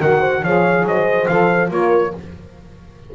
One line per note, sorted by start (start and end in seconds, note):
0.00 0.43 D#3
0.00 0.43 F#4
0.00 0.20 A#4
0.00 0.44 F#5
0.20 0.41 C5
0.43 0.84 F3
0.43 1.28 G#4
0.43 0.85 C#5
0.43 0.86 F5
0.84 1.26 F#3
0.84 1.72 C5
0.84 1.27 D#5
1.27 1.71 F3
1.27 1.68 A4
1.27 1.70 F5
1.68 2.13 A#3
1.68 2.11 F4
1.68 2.15 A#4
1.68 2.15 C#5